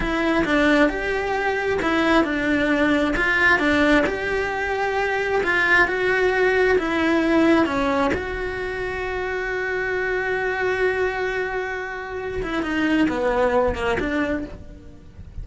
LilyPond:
\new Staff \with { instrumentName = "cello" } { \time 4/4 \tempo 4 = 133 e'4 d'4 g'2 | e'4 d'2 f'4 | d'4 g'2. | f'4 fis'2 e'4~ |
e'4 cis'4 fis'2~ | fis'1~ | fis'2.~ fis'8 e'8 | dis'4 b4. ais8 d'4 | }